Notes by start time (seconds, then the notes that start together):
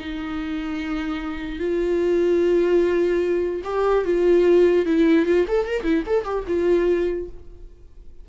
0.00 D#4
1.59 F4
3.64 G4
4.05 F4
4.86 E4
5.26 F4
5.48 A4
5.67 A#4
5.84 E4
6.07 A4
6.25 G4
6.48 F4